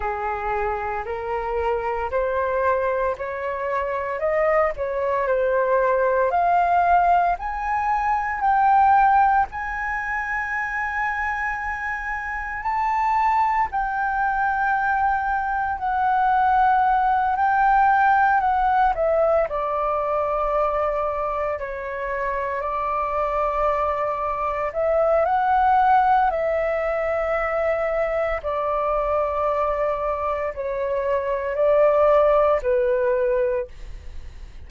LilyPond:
\new Staff \with { instrumentName = "flute" } { \time 4/4 \tempo 4 = 57 gis'4 ais'4 c''4 cis''4 | dis''8 cis''8 c''4 f''4 gis''4 | g''4 gis''2. | a''4 g''2 fis''4~ |
fis''8 g''4 fis''8 e''8 d''4.~ | d''8 cis''4 d''2 e''8 | fis''4 e''2 d''4~ | d''4 cis''4 d''4 b'4 | }